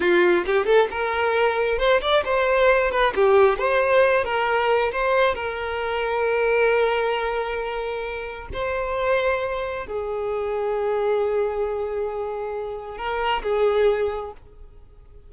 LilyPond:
\new Staff \with { instrumentName = "violin" } { \time 4/4 \tempo 4 = 134 f'4 g'8 a'8 ais'2 | c''8 d''8 c''4. b'8 g'4 | c''4. ais'4. c''4 | ais'1~ |
ais'2. c''4~ | c''2 gis'2~ | gis'1~ | gis'4 ais'4 gis'2 | }